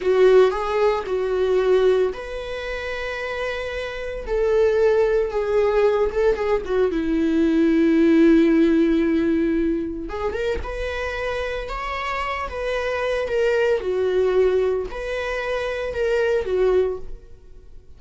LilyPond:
\new Staff \with { instrumentName = "viola" } { \time 4/4 \tempo 4 = 113 fis'4 gis'4 fis'2 | b'1 | a'2 gis'4. a'8 | gis'8 fis'8 e'2.~ |
e'2. gis'8 ais'8 | b'2 cis''4. b'8~ | b'4 ais'4 fis'2 | b'2 ais'4 fis'4 | }